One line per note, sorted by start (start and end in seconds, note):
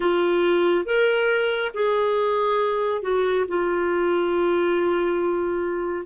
0.00 0.85 F4
0.85 1.72 A#4
1.74 3.02 G#4
3.02 3.45 F#4
3.47 6.05 F4